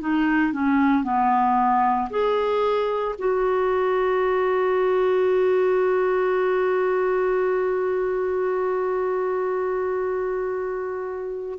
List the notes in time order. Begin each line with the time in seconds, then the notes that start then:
0.00 D#4
0.53 C#4
1.03 B3
2.10 G#4
3.18 F#4